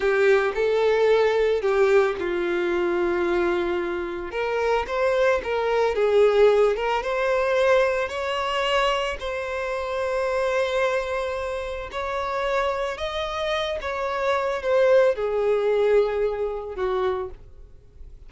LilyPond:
\new Staff \with { instrumentName = "violin" } { \time 4/4 \tempo 4 = 111 g'4 a'2 g'4 | f'1 | ais'4 c''4 ais'4 gis'4~ | gis'8 ais'8 c''2 cis''4~ |
cis''4 c''2.~ | c''2 cis''2 | dis''4. cis''4. c''4 | gis'2. fis'4 | }